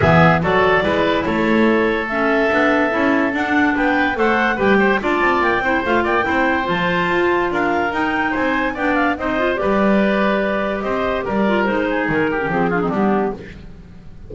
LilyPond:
<<
  \new Staff \with { instrumentName = "clarinet" } { \time 4/4 \tempo 4 = 144 e''4 d''2 cis''4~ | cis''4 e''2. | fis''4 g''4 fis''4 g''4 | a''4 g''4 f''8 g''4. |
a''2 f''4 g''4 | gis''4 g''8 f''8 dis''4 d''4~ | d''2 dis''4 d''4 | c''4 ais'4 gis'4 g'4 | }
  \new Staff \with { instrumentName = "oboe" } { \time 4/4 gis'4 a'4 b'4 a'4~ | a'1~ | a'4 b'4 c''4 b'8 c''8 | d''4. c''4 d''8 c''4~ |
c''2 ais'2 | c''4 d''4 c''4 b'4~ | b'2 c''4 ais'4~ | ais'8 gis'4 g'4 f'16 dis'16 d'4 | }
  \new Staff \with { instrumentName = "clarinet" } { \time 4/4 b4 fis'4 e'2~ | e'4 cis'4 d'4 e'4 | d'2 a'4 g'4 | f'4. e'8 f'4 e'4 |
f'2. dis'4~ | dis'4 d'4 dis'8 f'8 g'4~ | g'2.~ g'8 f'8 | dis'4.~ dis'16 cis'16 c'8 d'16 c'16 b4 | }
  \new Staff \with { instrumentName = "double bass" } { \time 4/4 e4 fis4 gis4 a4~ | a2 b4 cis'4 | d'4 b4 a4 g4 | d'8 c'8 ais8 c'8 a8 ais8 c'4 |
f4 f'4 d'4 dis'4 | c'4 b4 c'4 g4~ | g2 c'4 g4 | gis4 dis4 f4 g4 | }
>>